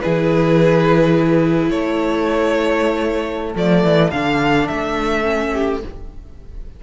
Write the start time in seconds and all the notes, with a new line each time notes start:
0.00 E3 E4 G#4 B4
1.70 A3 A4 C#5
3.54 F3 A3 D5
3.83 E3
4.11 D3 D4 F5
4.67 A3 E5
5.23 C#4
5.52 G4